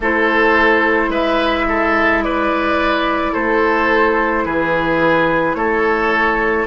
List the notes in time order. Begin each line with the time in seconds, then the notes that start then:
0.00 A3 E4 A4 C5
1.09 G#3 B4 E5
1.68 A4
2.23 B4 D5
3.32 A3 A4 C5
4.45 E3 G#4 B4
5.54 A3 A4 C#5